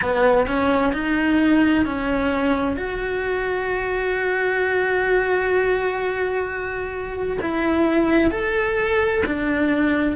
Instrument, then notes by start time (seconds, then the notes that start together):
cello
0.01 B3
0.47 C#4
0.92 D#4
1.85 C#4
2.76 F#4
7.41 E4
8.31 A4
9.26 D4